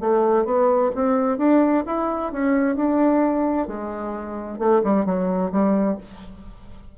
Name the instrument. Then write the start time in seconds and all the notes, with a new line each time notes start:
bassoon
0.00 A3
0.45 B3
0.95 C4
1.38 D4
1.86 E4
2.32 C#4
2.75 D4
3.67 G#3
4.58 A3
4.83 G3
5.05 F#3
5.51 G3